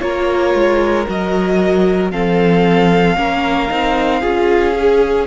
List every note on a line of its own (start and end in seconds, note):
0.00 0.54 A#3
0.00 1.05 F4
0.00 2.12 A#4
0.00 1.06 C#5
0.54 1.07 G#3
1.07 2.12 F#3
1.07 2.11 F#4
1.07 2.11 D#5
2.11 3.17 F3
2.11 3.16 C4
2.11 3.17 A4
2.11 5.27 F5
3.16 3.69 A#3
3.16 3.69 C#4
3.16 4.21 A#4
3.69 4.23 C4
3.69 4.21 D#4
4.21 5.27 C#4
4.21 4.73 F4
4.21 5.26 G#4
4.75 5.27 G#4